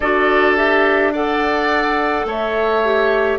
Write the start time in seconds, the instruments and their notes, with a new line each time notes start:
0.00 bassoon D4, clarinet F#4, oboe A4, flute D5
0.56 clarinet G4, flute E5
1.12 clarinet A4, oboe D5, flute F#5
2.24 bassoon A3, oboe C#5, flute E5
2.84 clarinet G4